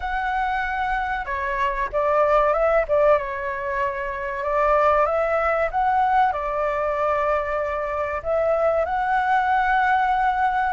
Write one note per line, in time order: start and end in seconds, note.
0.00 1.25 F#5
1.25 1.89 C#5
1.92 2.53 D5
2.53 2.84 E5
2.88 3.18 D5
3.18 4.43 C#5
4.43 5.06 D5
5.06 5.69 E5
5.71 6.32 F#5
6.32 8.21 D5
8.22 8.85 E5
8.85 10.73 F#5